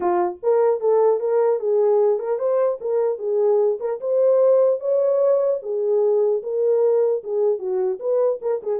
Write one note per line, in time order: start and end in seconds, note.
0.00 0.38 F4
0.42 0.80 A#4
0.80 1.20 A4
1.20 1.59 A#4
1.59 2.19 G#4
2.19 2.39 A#4
2.39 2.79 C5
2.80 3.18 A#4
3.18 3.78 G#4
3.79 3.99 A#4
4.00 4.79 C5
4.79 5.59 C#5
5.62 6.42 G#4
6.42 7.22 A#4
7.23 7.59 G#4
7.59 7.99 F#4
7.99 8.39 B4
8.41 8.61 A#4
8.63 8.80 G#4